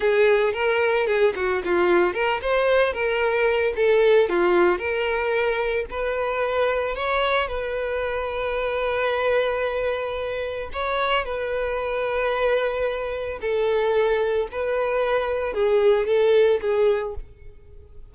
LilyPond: \new Staff \with { instrumentName = "violin" } { \time 4/4 \tempo 4 = 112 gis'4 ais'4 gis'8 fis'8 f'4 | ais'8 c''4 ais'4. a'4 | f'4 ais'2 b'4~ | b'4 cis''4 b'2~ |
b'1 | cis''4 b'2.~ | b'4 a'2 b'4~ | b'4 gis'4 a'4 gis'4 | }